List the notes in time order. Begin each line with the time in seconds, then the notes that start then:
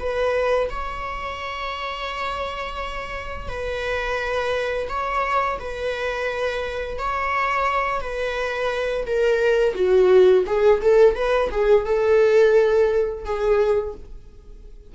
0.00 B4
0.70 C#5
3.49 B4
4.89 C#5
5.60 B4
6.99 C#5
8.01 B4
9.06 A#4
9.75 F#4
10.47 G#4
10.82 A4
11.15 B4
11.51 G#4
11.86 A4
13.25 G#4